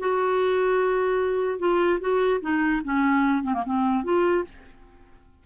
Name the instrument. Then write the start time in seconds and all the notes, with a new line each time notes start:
clarinet
0.00 F#4
1.59 F4
2.01 F#4
2.42 D#4
2.85 C#4
3.44 C4
3.54 A#3
3.66 C4
4.04 F4